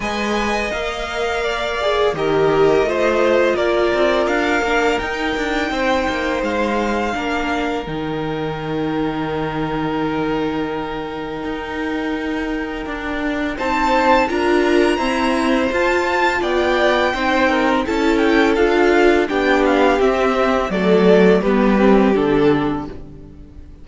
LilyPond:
<<
  \new Staff \with { instrumentName = "violin" } { \time 4/4 \tempo 4 = 84 gis''4 f''2 dis''4~ | dis''4 d''4 f''4 g''4~ | g''4 f''2 g''4~ | g''1~ |
g''2. a''4 | ais''2 a''4 g''4~ | g''4 a''8 g''8 f''4 g''8 f''8 | e''4 d''4 b'4 a'4 | }
  \new Staff \with { instrumentName = "violin" } { \time 4/4 dis''2 d''4 ais'4 | c''4 ais'2. | c''2 ais'2~ | ais'1~ |
ais'2. c''4 | ais'4 c''2 d''4 | c''8 ais'8 a'2 g'4~ | g'4 a'4 g'2 | }
  \new Staff \with { instrumentName = "viola" } { \time 4/4 b'4 ais'4. gis'8 g'4 | f'2~ f'8 d'8 dis'4~ | dis'2 d'4 dis'4~ | dis'1~ |
dis'2 d'4 dis'4 | f'4 c'4 f'2 | dis'4 e'4 f'4 d'4 | c'4 a4 b8 c'8 d'4 | }
  \new Staff \with { instrumentName = "cello" } { \time 4/4 gis4 ais2 dis4 | a4 ais8 c'8 d'8 ais8 dis'8 d'8 | c'8 ais8 gis4 ais4 dis4~ | dis1 |
dis'2 d'4 c'4 | d'4 e'4 f'4 b4 | c'4 cis'4 d'4 b4 | c'4 fis4 g4 d4 | }
>>